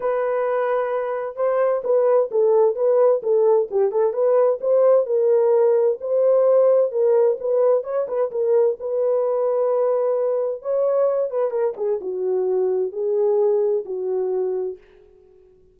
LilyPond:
\new Staff \with { instrumentName = "horn" } { \time 4/4 \tempo 4 = 130 b'2. c''4 | b'4 a'4 b'4 a'4 | g'8 a'8 b'4 c''4 ais'4~ | ais'4 c''2 ais'4 |
b'4 cis''8 b'8 ais'4 b'4~ | b'2. cis''4~ | cis''8 b'8 ais'8 gis'8 fis'2 | gis'2 fis'2 | }